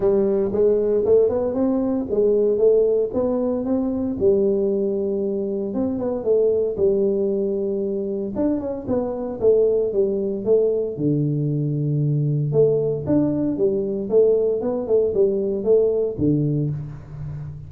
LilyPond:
\new Staff \with { instrumentName = "tuba" } { \time 4/4 \tempo 4 = 115 g4 gis4 a8 b8 c'4 | gis4 a4 b4 c'4 | g2. c'8 b8 | a4 g2. |
d'8 cis'8 b4 a4 g4 | a4 d2. | a4 d'4 g4 a4 | b8 a8 g4 a4 d4 | }